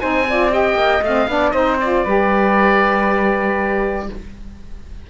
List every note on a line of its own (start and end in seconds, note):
0.00 0.74 C4
0.00 0.26 D#4
0.00 0.27 C5
0.00 0.51 G#5
0.28 0.50 F4
0.28 0.53 D5
0.50 1.01 G4
0.50 1.29 D#5
0.50 1.03 G5
0.74 0.99 A#3
1.02 1.27 A3
1.02 1.29 C4
1.02 1.50 F5
1.27 1.53 B3
1.27 1.54 D4
1.27 1.53 D5
1.50 2.04 C4
1.50 1.79 D#4
1.50 2.04 C5
1.50 1.76 D#5
1.80 2.06 F4
1.80 4.09 D5
2.04 4.09 G3
2.04 4.10 G4
2.04 4.07 B4